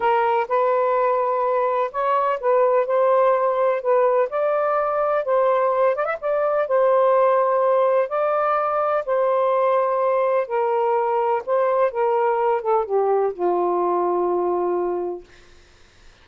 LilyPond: \new Staff \with { instrumentName = "saxophone" } { \time 4/4 \tempo 4 = 126 ais'4 b'2. | cis''4 b'4 c''2 | b'4 d''2 c''4~ | c''8 d''16 e''16 d''4 c''2~ |
c''4 d''2 c''4~ | c''2 ais'2 | c''4 ais'4. a'8 g'4 | f'1 | }